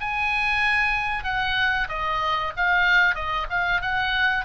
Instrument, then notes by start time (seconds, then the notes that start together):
oboe
0.00 G#5
1.24 F#5
1.89 D#5
2.56 F5
3.15 D#5
3.50 F5
3.82 F#5